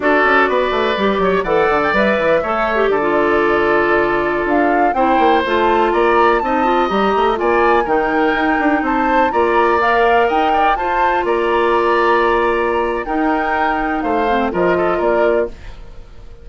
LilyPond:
<<
  \new Staff \with { instrumentName = "flute" } { \time 4/4 \tempo 4 = 124 d''2. fis''8. g''16 | e''2 d''2~ | d''4~ d''16 f''4 g''4 a''8.~ | a''16 ais''4 a''4 ais''4 gis''8.~ |
gis''16 g''2 a''4 ais''8.~ | ais''16 f''4 g''4 a''4 ais''8.~ | ais''2. g''4~ | g''4 f''4 dis''4 d''4 | }
  \new Staff \with { instrumentName = "oboe" } { \time 4/4 a'4 b'4. cis''8 d''4~ | d''4 cis''4 a'2~ | a'2~ a'16 c''4.~ c''16~ | c''16 d''4 dis''2 d''8.~ |
d''16 ais'2 c''4 d''8.~ | d''4~ d''16 dis''8 d''8 c''4 d''8.~ | d''2. ais'4~ | ais'4 c''4 ais'8 a'8 ais'4 | }
  \new Staff \with { instrumentName = "clarinet" } { \time 4/4 fis'2 g'4 a'4 | b'4 a'8. g'8 f'4.~ f'16~ | f'2~ f'16 e'4 f'8.~ | f'4~ f'16 dis'8 f'8 g'4 f'8.~ |
f'16 dis'2. f'8.~ | f'16 ais'2 f'4.~ f'16~ | f'2. dis'4~ | dis'4. c'8 f'2 | }
  \new Staff \with { instrumentName = "bassoon" } { \time 4/4 d'8 cis'8 b8 a8 g8 fis8 e8 d8 | g8 e8 a4 d2~ | d4~ d16 d'4 c'8 ais8 a8.~ | a16 ais4 c'4 g8 a8 ais8.~ |
ais16 dis4 dis'8 d'8 c'4 ais8.~ | ais4~ ais16 dis'4 f'4 ais8.~ | ais2. dis'4~ | dis'4 a4 f4 ais4 | }
>>